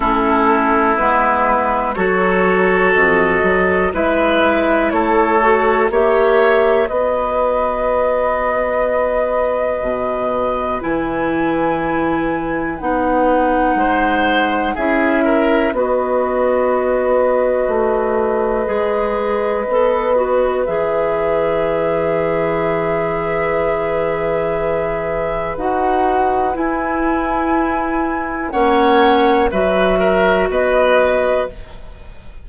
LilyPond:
<<
  \new Staff \with { instrumentName = "flute" } { \time 4/4 \tempo 4 = 61 a'4 b'4 cis''4 dis''4 | e''4 cis''4 e''4 dis''4~ | dis''2. gis''4~ | gis''4 fis''2 e''4 |
dis''1~ | dis''4 e''2.~ | e''2 fis''4 gis''4~ | gis''4 fis''4 e''4 dis''4 | }
  \new Staff \with { instrumentName = "oboe" } { \time 4/4 e'2 a'2 | b'4 a'4 cis''4 b'4~ | b'1~ | b'2 c''4 gis'8 ais'8 |
b'1~ | b'1~ | b'1~ | b'4 cis''4 b'8 ais'8 b'4 | }
  \new Staff \with { instrumentName = "clarinet" } { \time 4/4 cis'4 b4 fis'2 | e'4. fis'8 g'4 fis'4~ | fis'2. e'4~ | e'4 dis'2 e'4 |
fis'2. gis'4 | a'8 fis'8 gis'2.~ | gis'2 fis'4 e'4~ | e'4 cis'4 fis'2 | }
  \new Staff \with { instrumentName = "bassoon" } { \time 4/4 a4 gis4 fis4 f,8 fis8 | gis4 a4 ais4 b4~ | b2 b,4 e4~ | e4 b4 gis4 cis'4 |
b2 a4 gis4 | b4 e2.~ | e2 dis'4 e'4~ | e'4 ais4 fis4 b4 | }
>>